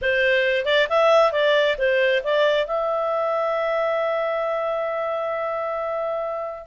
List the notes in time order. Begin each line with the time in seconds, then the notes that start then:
0.01 C5
0.65 D5
0.89 E5
1.32 D5
1.78 C5
2.23 D5
2.66 E5